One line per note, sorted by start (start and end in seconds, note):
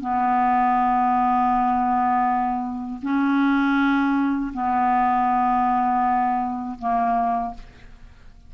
0.00 3.00 B3
3.02 4.52 C#4
4.53 6.78 B3
6.78 7.53 A#3